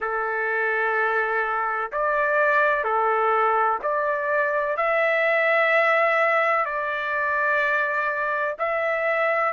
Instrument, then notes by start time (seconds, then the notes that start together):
trumpet
0.00 A4
1.92 D5
2.84 A4
3.82 D5
4.77 E5
6.65 D5
8.58 E5